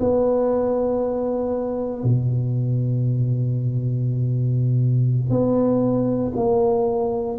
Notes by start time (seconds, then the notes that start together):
0.00 B3
2.04 B2
5.30 B3
6.36 A#3